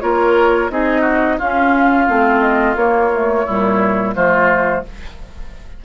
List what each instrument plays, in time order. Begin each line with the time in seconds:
0.00 bassoon A#3, clarinet F4, oboe A#4, flute C#5
0.70 bassoon C4, clarinet D#4, oboe G#4, flute D#5
1.01 oboe F#4
1.38 bassoon C#4, clarinet C#4, oboe F4, flute F5
2.07 bassoon A3, clarinet C4
2.40 flute D#5
2.75 bassoon A#3, clarinet A#3, flute C#5
3.13 clarinet A3
3.45 bassoon A#2, clarinet G3, oboe E4
4.15 bassoon F3, clarinet A3, oboe F4, flute C5